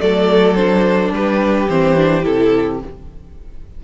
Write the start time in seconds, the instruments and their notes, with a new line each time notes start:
0.00 cello F#3, viola A3, violin A4 D5
0.55 viola D4, violin C5
1.11 cello G3, violin G4 B4
1.70 cello E3, viola C4, violin C5
1.98 viola D4
2.23 cello C3, viola E4, violin A4